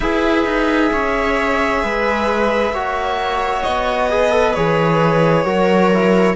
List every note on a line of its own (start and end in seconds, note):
0.00 0.45 E4
0.00 2.74 G#4
0.00 0.90 B4
0.00 3.63 E5
0.45 0.90 D#4
0.92 1.83 C#4
0.92 1.83 C#5
1.83 2.70 G#3
1.83 2.73 B4
2.70 3.61 A#3
2.70 4.10 F#4
2.70 4.10 C#5
3.63 4.56 B3
3.63 4.54 D#5
4.10 4.30 G#4
4.10 5.45 B4
4.30 4.53 A4
4.54 5.45 E3
4.54 5.45 G#4
4.54 6.35 C#5
5.45 6.35 F#3
5.45 5.91 F#4
5.45 6.35 A#4
5.93 6.36 E4